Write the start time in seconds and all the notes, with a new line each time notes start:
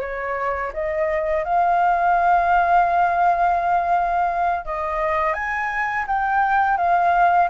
0.00 C#5
0.73 D#5
1.44 F5
4.65 D#5
5.33 G#5
6.07 G5
6.77 F5